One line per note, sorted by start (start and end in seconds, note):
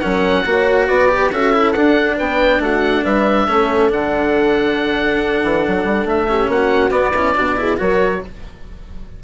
0.00 0.46 F#3
0.00 0.45 C#4
0.00 0.45 A#4
0.00 0.86 F#5
0.46 0.89 A#3
0.46 1.09 F#4
0.46 0.87 C#5
0.87 1.32 B3
0.87 1.30 B4
0.87 1.31 D5
1.09 1.31 G4
1.32 1.75 C#4
1.32 1.54 F#4
1.32 2.17 A4
1.32 1.73 E5
1.54 1.75 E4
1.73 3.48 D4
1.73 2.20 D4
1.73 2.16 F#5
2.17 2.60 B3
2.17 2.60 B4
2.17 2.62 G5
2.60 3.03 A3
2.60 3.04 F#4
2.60 3.05 F#5
3.04 3.48 G3
3.04 3.47 B4
3.04 3.91 E5
3.47 3.92 A3
3.47 3.90 C#4
3.47 6.28 A4
3.90 5.43 D3
3.90 6.27 D4
3.90 6.09 F#5
5.44 5.66 E3
5.68 5.84 F#3
5.84 6.05 G3
6.05 6.48 A3
6.05 6.51 E5
6.29 6.91 C#4
6.29 6.51 G4
6.48 6.91 A#3
6.48 7.14 F#4
6.48 6.91 F#5
6.91 7.13 B3
6.91 7.35 B3
6.91 7.78 D5
7.14 7.36 C#4
7.14 7.36 E4
7.36 7.81 B2
7.36 7.57 D4
7.36 7.58 F#4
7.57 7.77 E4
7.57 7.80 G#4
7.77 8.24 F#3
7.77 8.21 F#4
7.77 8.24 A#4
7.77 8.23 C#5